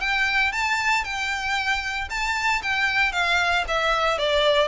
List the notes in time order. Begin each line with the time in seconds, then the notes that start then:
0.00 G5
0.52 A5
1.04 G5
2.10 A5
2.63 G5
3.12 F5
3.68 E5
4.18 D5